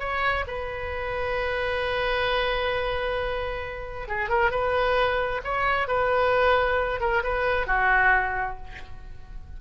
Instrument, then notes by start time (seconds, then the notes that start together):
oboe
0.00 C#5
0.47 B4
4.08 G#4
4.30 A#4
4.51 B4
5.44 C#5
5.88 B4
7.01 A#4
7.23 B4
7.67 F#4